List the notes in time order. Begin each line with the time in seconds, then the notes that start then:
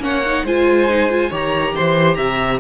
0.00 A#3 C#4 C#5 F#5
0.26 D#4
0.44 G#3 F4 C5 G#5
0.90 D#4
1.10 F4
1.30 D#3 G4 C#5 A#5
1.76 E3 C5 C6
2.15 C3 E5 A#5